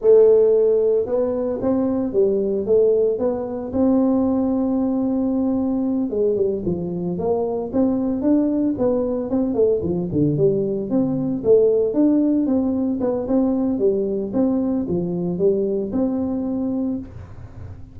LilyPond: \new Staff \with { instrumentName = "tuba" } { \time 4/4 \tempo 4 = 113 a2 b4 c'4 | g4 a4 b4 c'4~ | c'2.~ c'8 gis8 | g8 f4 ais4 c'4 d'8~ |
d'8 b4 c'8 a8 f8 d8 g8~ | g8 c'4 a4 d'4 c'8~ | c'8 b8 c'4 g4 c'4 | f4 g4 c'2 | }